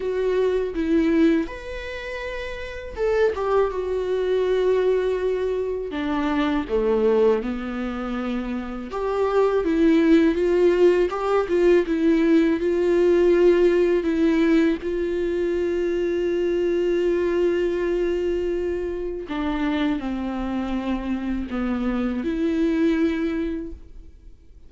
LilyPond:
\new Staff \with { instrumentName = "viola" } { \time 4/4 \tempo 4 = 81 fis'4 e'4 b'2 | a'8 g'8 fis'2. | d'4 a4 b2 | g'4 e'4 f'4 g'8 f'8 |
e'4 f'2 e'4 | f'1~ | f'2 d'4 c'4~ | c'4 b4 e'2 | }